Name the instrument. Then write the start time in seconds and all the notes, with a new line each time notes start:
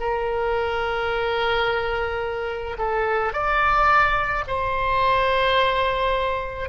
oboe
0.00 A#4
2.79 A4
3.33 D5
4.47 C5